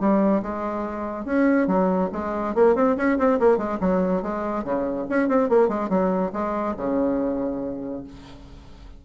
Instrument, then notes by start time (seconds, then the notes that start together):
bassoon
0.00 G3
0.42 G#3
1.25 C#4
1.67 F#3
2.13 G#3
2.55 A#3
2.75 C4
2.97 C#4
3.18 C4
3.40 A#3
3.58 G#3
3.80 F#3
4.23 G#3
4.64 C#3
5.10 C#4
5.28 C4
5.49 A#3
5.69 G#3
5.89 F#3
6.33 G#3
6.77 C#3